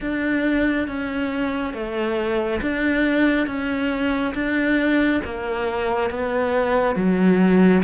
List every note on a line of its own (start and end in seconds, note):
0.00 0.87 D4
0.87 1.73 C#4
1.73 2.60 A3
2.61 3.46 D4
3.46 4.33 C#4
4.34 5.21 D4
5.24 6.10 A#3
6.10 6.95 B3
6.95 7.82 F#3